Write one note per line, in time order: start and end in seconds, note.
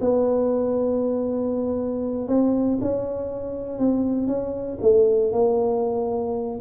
0.00 2.27 B3
2.27 2.78 C4
2.81 3.78 C#4
3.78 4.27 C4
4.27 4.78 C#4
4.81 5.32 A3
5.32 6.59 A#3